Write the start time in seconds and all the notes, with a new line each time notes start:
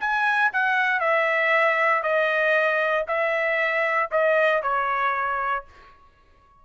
0.00 G#5
0.53 F#5
1.00 E5
2.03 D#5
3.08 E5
4.11 D#5
4.62 C#5